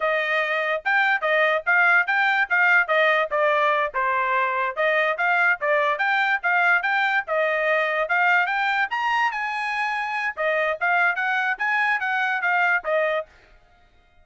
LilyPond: \new Staff \with { instrumentName = "trumpet" } { \time 4/4 \tempo 4 = 145 dis''2 g''4 dis''4 | f''4 g''4 f''4 dis''4 | d''4. c''2 dis''8~ | dis''8 f''4 d''4 g''4 f''8~ |
f''8 g''4 dis''2 f''8~ | f''8 g''4 ais''4 gis''4.~ | gis''4 dis''4 f''4 fis''4 | gis''4 fis''4 f''4 dis''4 | }